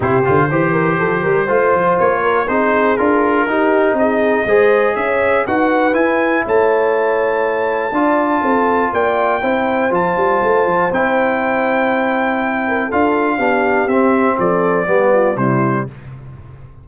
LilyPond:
<<
  \new Staff \with { instrumentName = "trumpet" } { \time 4/4 \tempo 4 = 121 c''1 | cis''4 c''4 ais'2 | dis''2 e''4 fis''4 | gis''4 a''2.~ |
a''2 g''2 | a''2 g''2~ | g''2 f''2 | e''4 d''2 c''4 | }
  \new Staff \with { instrumentName = "horn" } { \time 4/4 g'4 c''8 ais'8 a'8 ais'8 c''4~ | c''8 ais'8 gis'2 g'4 | gis'4 c''4 cis''4 b'4~ | b'4 cis''2. |
d''4 a'4 d''4 c''4~ | c''1~ | c''4. ais'8 a'4 g'4~ | g'4 a'4 g'8 f'8 e'4 | }
  \new Staff \with { instrumentName = "trombone" } { \time 4/4 e'8 f'8 g'2 f'4~ | f'4 dis'4 f'4 dis'4~ | dis'4 gis'2 fis'4 | e'1 |
f'2. e'4 | f'2 e'2~ | e'2 f'4 d'4 | c'2 b4 g4 | }
  \new Staff \with { instrumentName = "tuba" } { \time 4/4 c8 d8 e4 f8 g8 a8 f8 | ais4 c'4 d'4 dis'4 | c'4 gis4 cis'4 dis'4 | e'4 a2. |
d'4 c'4 ais4 c'4 | f8 g8 a8 f8 c'2~ | c'2 d'4 b4 | c'4 f4 g4 c4 | }
>>